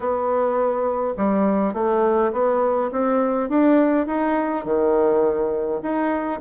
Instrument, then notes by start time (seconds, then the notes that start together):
bassoon
0.00 B3
1.17 G3
1.73 A3
2.32 B3
2.91 C4
3.49 D4
4.06 D#4
4.64 D#3
5.82 D#4